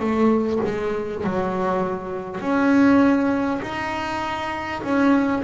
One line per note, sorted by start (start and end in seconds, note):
0.00 0.59 A3
0.65 1.24 G#3
1.24 2.41 F#3
2.41 3.61 C#4
3.62 4.82 D#4
4.83 5.43 C#4